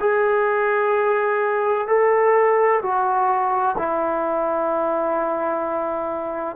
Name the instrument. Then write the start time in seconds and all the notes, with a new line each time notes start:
trombone
0.00 G#4
1.87 A4
2.82 F#4
3.78 E4